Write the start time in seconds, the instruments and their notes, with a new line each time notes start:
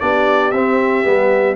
0.00 tuba B3, trombone D4, horn G4, trumpet D5
0.51 tuba C4, trombone C4, trumpet E5
1.04 tuba G3, trombone B3